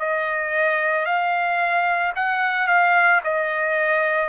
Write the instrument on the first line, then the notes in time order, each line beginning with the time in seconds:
trumpet
0.00 D#5
1.06 F5
2.16 F#5
2.67 F5
3.24 D#5